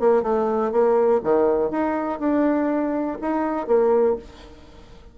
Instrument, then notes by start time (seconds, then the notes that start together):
bassoon
0.00 A#3
0.23 A3
0.72 A#3
1.24 D#3
1.71 D#4
2.20 D4
3.21 D#4
3.67 A#3